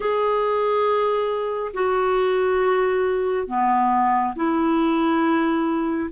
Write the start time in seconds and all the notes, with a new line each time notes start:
0.00 G#4
1.74 F#4
3.47 B3
4.35 E4